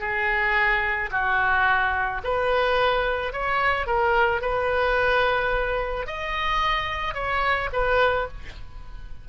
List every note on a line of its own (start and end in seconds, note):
0.00 1.10 G#4
1.12 2.22 F#4
2.24 3.33 B4
3.33 3.87 C#5
3.87 4.42 A#4
4.42 6.07 B4
6.07 7.15 D#5
7.15 7.70 C#5
7.73 8.28 B4